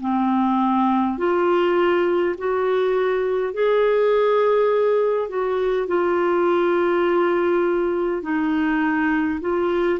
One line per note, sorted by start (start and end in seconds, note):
0.00 1.18 C4
1.18 2.36 F4
2.38 3.53 F#4
3.53 5.29 G#4
5.29 5.88 F#4
5.88 8.22 F4
8.22 9.40 D#4
9.41 9.99 F4